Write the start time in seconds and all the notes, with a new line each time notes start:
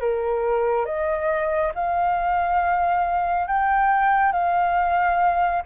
0.00 A#4
0.85 D#5
1.75 F5
3.47 G5
4.32 F5